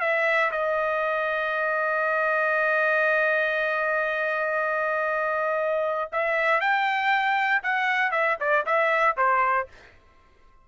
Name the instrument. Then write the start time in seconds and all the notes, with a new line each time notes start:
trumpet
0.00 E5
0.51 D#5
6.12 E5
6.60 G5
7.62 F#5
8.11 E5
8.40 D5
8.65 E5
9.16 C5